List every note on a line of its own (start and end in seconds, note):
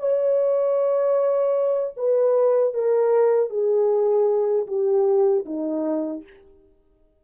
0.00 1.95 C#5
1.97 2.74 B4
2.74 3.50 A#4
3.50 4.67 G#4
4.68 5.45 G4
5.46 6.24 D#4